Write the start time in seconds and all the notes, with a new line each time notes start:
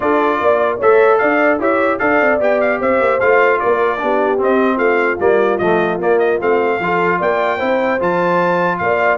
0.00 D4 F4 A4 D5
0.40 A#3 D5
0.77 A3 A4 C#5 E5
1.17 D4 D5 F5
1.58 E4 G4 C#5 E5
1.99 D4 A4 D5 F5
2.20 C4
2.39 B3 G4 G5
2.60 F5
2.79 C4 C5 E5
2.99 A#3
3.19 A3 F4 F5
3.59 A#3 A#4 D5
3.98 B3 D4 G4
4.37 C4 D#5
4.76 A3 F4 F5
5.19 G3 A#3 D5
5.58 F3 A3 D#5
5.98 A#3 D5
6.19 D#5
6.39 A3 C4 F5
6.79 F3 F4 A4
7.18 A#3 D5 G5
7.57 C4 E4 C5
8.00 F3 F4 A5
8.78 A#3 D5 F5